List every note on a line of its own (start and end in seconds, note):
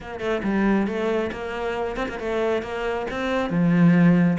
0.00 0.20 A#3
0.20 0.41 A3
0.43 0.87 G3
0.87 1.30 A3
1.31 1.96 A#3
1.96 2.07 C4
2.08 2.19 A#3
2.19 2.62 A3
2.62 3.06 A#3
3.10 3.50 C4
3.50 4.37 F3